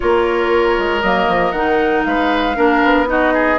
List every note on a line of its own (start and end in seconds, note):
0.00 0.78 A#3
0.00 1.02 F4
0.00 2.07 A#4
0.00 1.01 C#5
0.78 1.03 G#3
1.01 1.28 F#3
1.01 1.54 A#3
1.01 1.52 D#5
1.28 1.52 F3
1.52 2.03 D#3
1.52 2.55 D#4
1.52 2.03 F#5
2.04 2.56 G#3
2.04 2.56 B4
2.04 3.06 F5
2.55 2.82 A#3
2.55 3.06 D4
2.55 3.07 A#4
2.83 3.58 B3
3.06 3.57 D#4
3.06 3.33 F#4
3.06 3.58 D#5
3.33 3.58 G#4